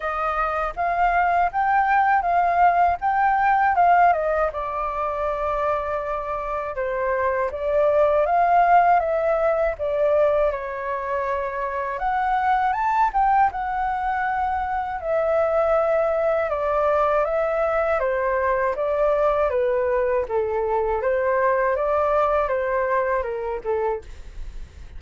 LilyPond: \new Staff \with { instrumentName = "flute" } { \time 4/4 \tempo 4 = 80 dis''4 f''4 g''4 f''4 | g''4 f''8 dis''8 d''2~ | d''4 c''4 d''4 f''4 | e''4 d''4 cis''2 |
fis''4 a''8 g''8 fis''2 | e''2 d''4 e''4 | c''4 d''4 b'4 a'4 | c''4 d''4 c''4 ais'8 a'8 | }